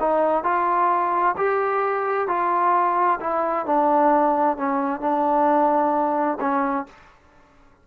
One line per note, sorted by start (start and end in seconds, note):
0.00 0.44 D#4
0.44 1.36 F4
1.37 2.28 G4
2.28 3.20 F4
3.20 3.66 E4
3.66 4.57 D4
4.57 5.01 C#4
5.01 6.38 D4
6.40 6.86 C#4